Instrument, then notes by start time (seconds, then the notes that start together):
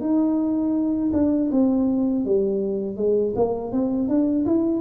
tuba
0.00 D#4
1.12 D4
1.51 C4
2.25 G3
2.96 G#3
3.35 A#3
3.72 C4
4.08 D4
4.45 E4